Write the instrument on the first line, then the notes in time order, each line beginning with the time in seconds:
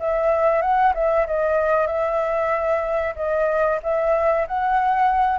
flute
0.00 E5
0.62 F#5
0.95 E5
1.27 D#5
1.87 E5
3.16 D#5
3.83 E5
4.48 F#5